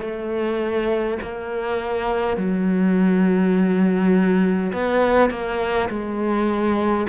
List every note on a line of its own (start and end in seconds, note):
0.00 1.18 A3
1.22 2.37 A#3
2.37 4.72 F#3
4.73 5.30 B3
5.30 5.89 A#3
5.89 7.07 G#3